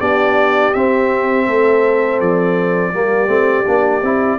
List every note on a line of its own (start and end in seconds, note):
0.00 0.74 B3
0.00 0.74 D4
0.00 1.46 G4
0.00 0.74 D5
0.74 2.93 C4
0.74 1.47 C4
0.74 2.20 E5
1.46 2.21 A3
1.46 2.93 A4
2.21 2.94 F3
2.21 4.39 D5
2.93 3.28 G3
2.93 3.28 A#3
2.93 4.39 G4
3.28 3.64 A3
3.28 3.64 C4
3.64 4.03 A#3
3.64 4.01 D4
4.03 4.39 C4
4.03 4.39 E4